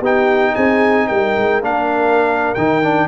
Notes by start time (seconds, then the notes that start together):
0.00 B3 D#4 G4 G5
0.54 C4 G#4 G#5
1.08 G3 A#4 G5
1.37 G#3
1.61 A#3 D4 F5
2.55 D#3 D#4 G5
2.83 D4